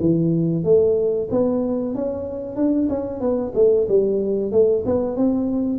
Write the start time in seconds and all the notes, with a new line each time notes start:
0.00 E3
0.64 A3
1.31 B3
1.95 C#4
2.56 D4
2.89 C#4
3.20 B3
3.55 A3
3.88 G3
4.51 A3
4.86 B3
5.16 C4